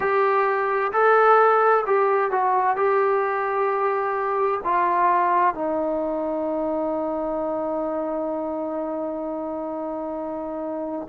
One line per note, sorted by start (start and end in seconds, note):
0.00 0.91 G4
0.92 1.84 A4
1.86 2.31 G4
2.31 2.76 F#4
2.76 4.61 G4
4.64 5.54 F4
5.54 11.08 D#4